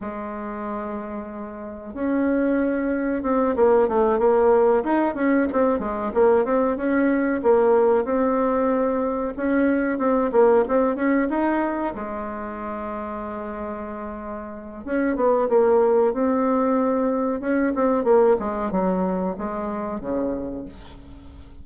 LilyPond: \new Staff \with { instrumentName = "bassoon" } { \time 4/4 \tempo 4 = 93 gis2. cis'4~ | cis'4 c'8 ais8 a8 ais4 dis'8 | cis'8 c'8 gis8 ais8 c'8 cis'4 ais8~ | ais8 c'2 cis'4 c'8 |
ais8 c'8 cis'8 dis'4 gis4.~ | gis2. cis'8 b8 | ais4 c'2 cis'8 c'8 | ais8 gis8 fis4 gis4 cis4 | }